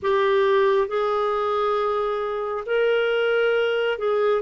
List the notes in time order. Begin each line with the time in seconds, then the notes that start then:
0.02 G4
0.87 G#4
2.66 A#4
3.98 G#4